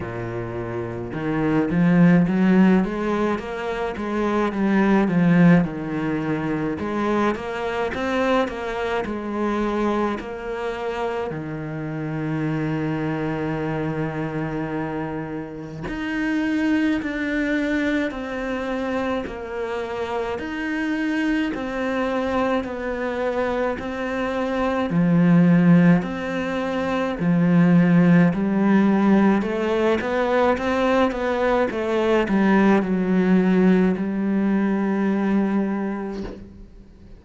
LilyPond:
\new Staff \with { instrumentName = "cello" } { \time 4/4 \tempo 4 = 53 ais,4 dis8 f8 fis8 gis8 ais8 gis8 | g8 f8 dis4 gis8 ais8 c'8 ais8 | gis4 ais4 dis2~ | dis2 dis'4 d'4 |
c'4 ais4 dis'4 c'4 | b4 c'4 f4 c'4 | f4 g4 a8 b8 c'8 b8 | a8 g8 fis4 g2 | }